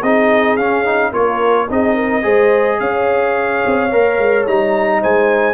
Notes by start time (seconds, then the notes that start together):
0.00 C4 D#4 G#4 D#5
0.56 C#4 F5
0.85 D#4
1.12 A#3 F4 A#4 C#5
1.69 C4 D#4 G#4 D#5
1.95 A#4
2.22 G#3 G#4 C5
2.80 C#4 C#5 F5
3.66 C4
3.92 A#3 A#4
4.18 G#3
4.47 G3 D#4 A#5
5.01 G#3 C5 G#5